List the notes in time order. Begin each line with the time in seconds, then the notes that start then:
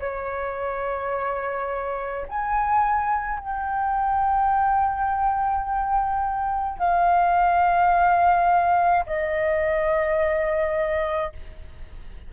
0.00 C#5
2.28 G#5
3.39 G5
6.79 F5
9.06 D#5